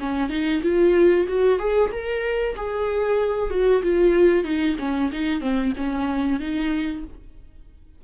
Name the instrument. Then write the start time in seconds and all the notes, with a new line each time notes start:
viola
0.00 C#4
0.30 D#4
0.63 F4
1.28 F#4
1.59 G#4
1.92 A#4
2.56 G#4
3.50 F#4
3.83 F4
4.44 D#4
4.79 C#4
5.12 D#4
5.41 C4
5.77 C#4
6.40 D#4